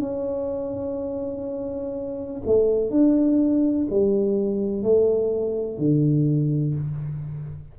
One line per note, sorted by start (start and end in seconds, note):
0.00 2.42 C#4
2.46 2.90 A3
2.90 3.87 D4
3.90 4.83 G3
4.83 5.78 A3
5.78 6.75 D3